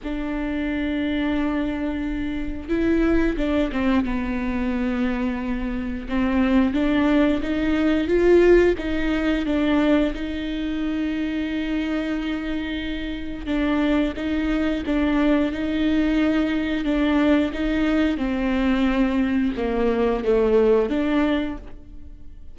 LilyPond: \new Staff \with { instrumentName = "viola" } { \time 4/4 \tempo 4 = 89 d'1 | e'4 d'8 c'8 b2~ | b4 c'4 d'4 dis'4 | f'4 dis'4 d'4 dis'4~ |
dis'1 | d'4 dis'4 d'4 dis'4~ | dis'4 d'4 dis'4 c'4~ | c'4 ais4 a4 d'4 | }